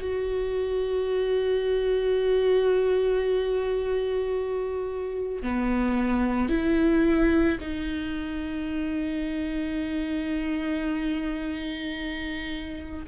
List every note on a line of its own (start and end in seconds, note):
0.00 5.42 F#4
5.42 6.49 B3
6.49 7.58 E4
7.61 13.06 D#4